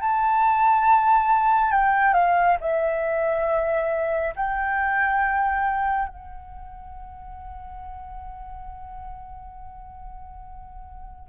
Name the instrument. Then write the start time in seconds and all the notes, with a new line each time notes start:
flute
0.00 A5
1.71 G5
2.13 F5
2.60 E5
4.36 G5
6.08 F#5